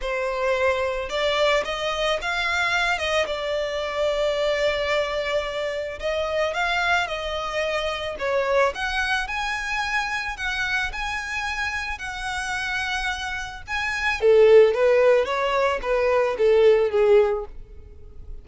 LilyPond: \new Staff \with { instrumentName = "violin" } { \time 4/4 \tempo 4 = 110 c''2 d''4 dis''4 | f''4. dis''8 d''2~ | d''2. dis''4 | f''4 dis''2 cis''4 |
fis''4 gis''2 fis''4 | gis''2 fis''2~ | fis''4 gis''4 a'4 b'4 | cis''4 b'4 a'4 gis'4 | }